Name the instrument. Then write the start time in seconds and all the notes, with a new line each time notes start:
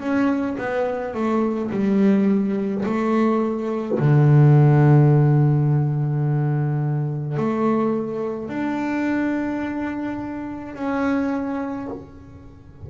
double bass
0.00 C#4
0.58 B3
1.14 A3
1.71 G3
2.86 A3
3.99 D3
7.37 A3
8.49 D4
10.75 C#4